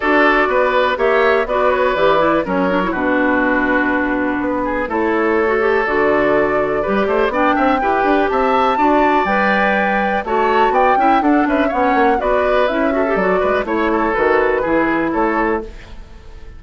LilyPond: <<
  \new Staff \with { instrumentName = "flute" } { \time 4/4 \tempo 4 = 123 d''2 e''4 d''8 cis''8 | d''4 cis''4 b'2~ | b'2 cis''2 | d''2. g''4~ |
g''4 a''2 g''4~ | g''4 a''4 g''4 fis''8 e''8 | fis''4 d''4 e''4 d''4 | cis''4 b'2 cis''4 | }
  \new Staff \with { instrumentName = "oboe" } { \time 4/4 a'4 b'4 cis''4 b'4~ | b'4 ais'4 fis'2~ | fis'4. gis'8 a'2~ | a'2 b'8 c''8 d''8 e''8 |
b'4 e''4 d''2~ | d''4 cis''4 d''8 e''8 a'8 b'8 | cis''4 b'4. a'4 b'8 | cis''8 a'4. gis'4 a'4 | }
  \new Staff \with { instrumentName = "clarinet" } { \time 4/4 fis'2 g'4 fis'4 | g'8 e'8 cis'8 d'16 e'16 d'2~ | d'2 e'4~ e'16 fis'16 g'8 | fis'2 g'4 d'4 |
g'2 fis'4 b'4~ | b'4 fis'4. e'8 d'4 | cis'4 fis'4 e'8 fis'16 g'16 fis'4 | e'4 fis'4 e'2 | }
  \new Staff \with { instrumentName = "bassoon" } { \time 4/4 d'4 b4 ais4 b4 | e4 fis4 b,2~ | b,4 b4 a2 | d2 g8 a8 b8 c'8 |
e'8 d'8 c'4 d'4 g4~ | g4 a4 b8 cis'8 d'8 cis'8 | b8 ais8 b4 cis'4 fis8 gis8 | a4 dis4 e4 a4 | }
>>